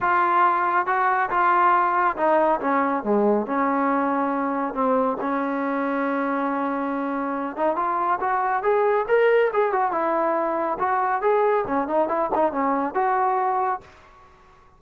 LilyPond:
\new Staff \with { instrumentName = "trombone" } { \time 4/4 \tempo 4 = 139 f'2 fis'4 f'4~ | f'4 dis'4 cis'4 gis4 | cis'2. c'4 | cis'1~ |
cis'4. dis'8 f'4 fis'4 | gis'4 ais'4 gis'8 fis'8 e'4~ | e'4 fis'4 gis'4 cis'8 dis'8 | e'8 dis'8 cis'4 fis'2 | }